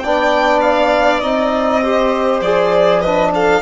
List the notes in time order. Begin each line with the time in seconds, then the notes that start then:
0.00 B3 D4 D5 G5
0.61 F5
1.20 C4 D#4 D#5
1.83 G4 C5
2.42 F3 G#4 D5
3.00 D4 B4 D#5
3.35 A4 F5